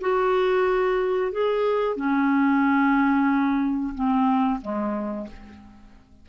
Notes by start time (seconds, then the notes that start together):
0.00 F#4
1.31 G#4
1.96 C#4
3.94 C4
4.61 G#3